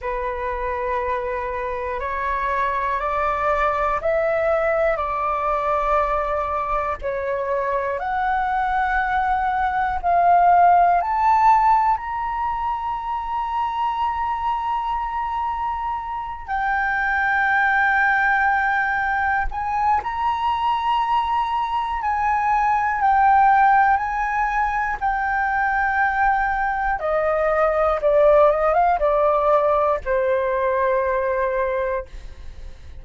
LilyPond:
\new Staff \with { instrumentName = "flute" } { \time 4/4 \tempo 4 = 60 b'2 cis''4 d''4 | e''4 d''2 cis''4 | fis''2 f''4 a''4 | ais''1~ |
ais''8 g''2. gis''8 | ais''2 gis''4 g''4 | gis''4 g''2 dis''4 | d''8 dis''16 f''16 d''4 c''2 | }